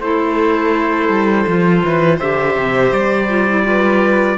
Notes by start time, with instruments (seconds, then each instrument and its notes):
0.00 cello A3, clarinet E4, violin A4, trumpet C5
1.09 cello G3
1.47 cello F3, clarinet F4
1.85 cello E3, violin B4
2.17 cello D3, clarinet G4, violin C5, trumpet E5
2.56 cello C3
2.92 cello G3, trumpet D5
3.29 clarinet F4
3.49 clarinet E4
3.65 clarinet F4, violin B4